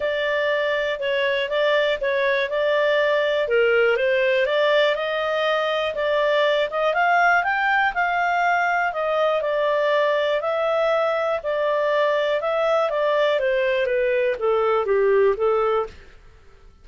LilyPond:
\new Staff \with { instrumentName = "clarinet" } { \time 4/4 \tempo 4 = 121 d''2 cis''4 d''4 | cis''4 d''2 ais'4 | c''4 d''4 dis''2 | d''4. dis''8 f''4 g''4 |
f''2 dis''4 d''4~ | d''4 e''2 d''4~ | d''4 e''4 d''4 c''4 | b'4 a'4 g'4 a'4 | }